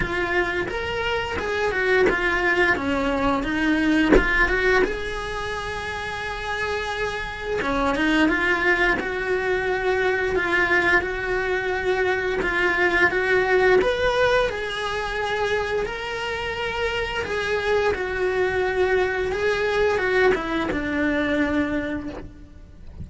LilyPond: \new Staff \with { instrumentName = "cello" } { \time 4/4 \tempo 4 = 87 f'4 ais'4 gis'8 fis'8 f'4 | cis'4 dis'4 f'8 fis'8 gis'4~ | gis'2. cis'8 dis'8 | f'4 fis'2 f'4 |
fis'2 f'4 fis'4 | b'4 gis'2 ais'4~ | ais'4 gis'4 fis'2 | gis'4 fis'8 e'8 d'2 | }